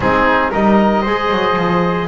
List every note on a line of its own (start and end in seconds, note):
0.00 0.52 G#3
0.00 0.53 C4
0.00 0.50 D#4
0.00 0.52 G#4
0.50 1.05 G3
0.50 1.05 D#4
0.50 1.01 A#4
0.50 2.07 D#5
1.01 1.31 G#3
1.01 2.07 G#4
1.01 2.06 C5
1.31 1.56 F#3
1.56 2.07 F3